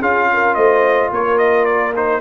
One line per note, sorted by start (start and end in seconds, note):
0.00 0.56 C#4
0.00 1.95 F4
0.00 0.28 G#4
0.00 0.55 F5
0.34 0.56 A#4
0.55 1.11 A3
0.55 1.11 C5
0.55 1.10 D#5
1.12 2.21 A#3
1.12 2.21 A#4
1.12 1.38 C#5
1.38 1.65 D#5
1.65 1.93 D5
1.96 2.21 D#4
1.96 2.21 C5